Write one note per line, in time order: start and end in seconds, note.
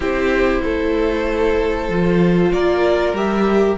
0.00 0.61 C4
0.00 1.90 E4
0.00 0.62 G4
0.00 2.52 C5
0.63 1.89 A3
0.63 2.52 A4
1.89 2.52 F3
1.89 3.15 F4
2.52 3.12 A#3
2.52 3.78 A#4
2.52 3.15 D5
3.12 3.76 G3
3.12 3.78 G4
3.12 3.78 E5